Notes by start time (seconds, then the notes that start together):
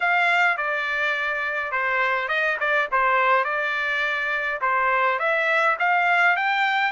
0.00 F5
0.57 D5
1.72 C5
2.28 D#5
2.60 D5
2.91 C5
3.44 D5
4.61 C5
5.19 E5
5.79 F5
6.36 G5